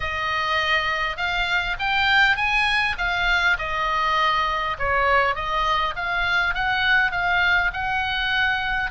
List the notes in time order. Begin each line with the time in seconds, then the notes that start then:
0.00 D#5
1.17 F5
1.79 G5
2.36 G#5
2.98 F5
3.58 D#5
4.78 C#5
5.35 D#5
5.96 F5
6.54 F#5
7.11 F5
7.73 F#5